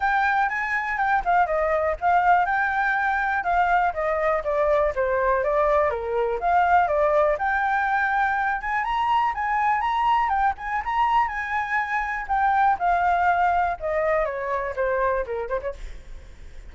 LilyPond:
\new Staff \with { instrumentName = "flute" } { \time 4/4 \tempo 4 = 122 g''4 gis''4 g''8 f''8 dis''4 | f''4 g''2 f''4 | dis''4 d''4 c''4 d''4 | ais'4 f''4 d''4 g''4~ |
g''4. gis''8 ais''4 gis''4 | ais''4 g''8 gis''8 ais''4 gis''4~ | gis''4 g''4 f''2 | dis''4 cis''4 c''4 ais'8 c''16 cis''16 | }